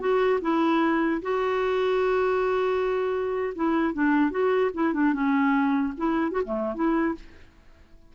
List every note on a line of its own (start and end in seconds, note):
0.00 0.40 F#4
0.41 1.22 E4
1.22 3.54 F#4
3.55 3.94 E4
3.94 4.31 D4
4.31 4.71 F#4
4.74 4.94 E4
4.94 5.13 D4
5.13 5.94 C#4
5.97 6.32 E4
6.32 6.42 F#4
6.45 6.75 A3
6.75 7.15 E4